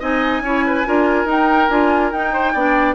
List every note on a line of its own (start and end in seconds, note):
0.00 0.41 C4
0.00 0.43 D#4
0.00 0.42 D#5
0.00 1.29 G#5
0.41 0.83 C#4
0.41 0.86 E4
0.41 0.65 C#5
0.67 0.87 B4
0.86 1.25 D4
0.86 1.27 F4
0.86 2.33 A#4
1.25 1.68 D#4
1.25 1.69 D#4
1.25 1.69 G5
1.69 2.12 D4
1.69 2.13 F4
1.69 2.12 G#5
2.12 2.54 D#4
2.12 2.56 D#4
2.12 2.95 G5
2.33 2.53 C5
2.53 2.95 B3
2.53 2.95 D4
2.53 2.95 D5